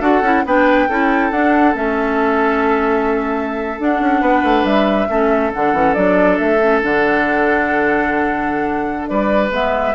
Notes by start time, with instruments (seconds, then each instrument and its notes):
0.00 bassoon D4, clarinet F#4, oboe A4, flute F#5
0.22 bassoon C#4, clarinet E4
0.45 bassoon B3, clarinet D4, oboe B4, flute G5
0.89 bassoon C#4, clarinet E4, oboe A4
1.31 bassoon D4, clarinet D4, flute F#5
1.74 bassoon A3, clarinet C#4, flute E5
3.79 clarinet D4, bassoon D4, flute F#5
4.01 bassoon C#4
4.21 bassoon B3, oboe B4
4.43 bassoon A3
4.64 bassoon G3, flute E5
5.09 bassoon A3, clarinet C#4, oboe A4
5.53 bassoon D3, clarinet D4, flute F#5
5.73 bassoon E3, clarinet C#4
5.94 bassoon F#3, clarinet D4, flute D5
6.38 bassoon A3, flute E5
6.60 clarinet C#4
6.82 bassoon D3, clarinet D4, flute F#5
9.07 bassoon G3, oboe B4, flute D5
9.50 bassoon G#3, clarinet B3, flute E5